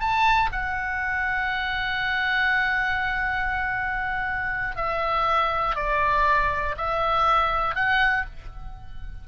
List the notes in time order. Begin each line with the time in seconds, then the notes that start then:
0.00 A5
0.52 F#5
4.76 E5
5.75 D5
6.77 E5
7.75 F#5